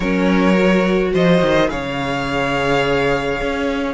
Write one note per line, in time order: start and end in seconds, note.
0.00 1.12 F#3
0.00 0.55 C#4
0.00 1.10 A#4
0.00 1.13 C#5
0.55 1.68 F#4
1.13 1.41 F3
1.13 1.70 C5
1.13 1.70 D#5
1.41 1.69 D#3
1.69 3.41 C#3
1.69 3.94 G#4
1.69 3.94 C#5
1.69 3.94 F5
3.41 3.94 C#4